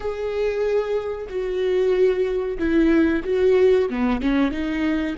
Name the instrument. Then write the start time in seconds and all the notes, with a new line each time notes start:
viola
0.00 G#4
1.29 F#4
2.58 E4
3.24 F#4
3.89 B3
4.21 C#4
4.51 D#4